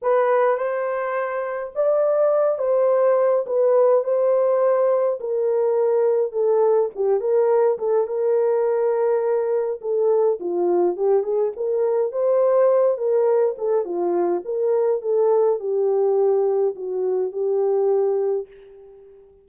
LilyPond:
\new Staff \with { instrumentName = "horn" } { \time 4/4 \tempo 4 = 104 b'4 c''2 d''4~ | d''8 c''4. b'4 c''4~ | c''4 ais'2 a'4 | g'8 ais'4 a'8 ais'2~ |
ais'4 a'4 f'4 g'8 gis'8 | ais'4 c''4. ais'4 a'8 | f'4 ais'4 a'4 g'4~ | g'4 fis'4 g'2 | }